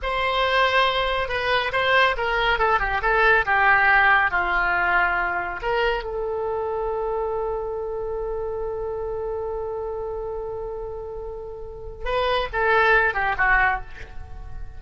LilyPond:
\new Staff \with { instrumentName = "oboe" } { \time 4/4 \tempo 4 = 139 c''2. b'4 | c''4 ais'4 a'8 g'8 a'4 | g'2 f'2~ | f'4 ais'4 a'2~ |
a'1~ | a'1~ | a'1 | b'4 a'4. g'8 fis'4 | }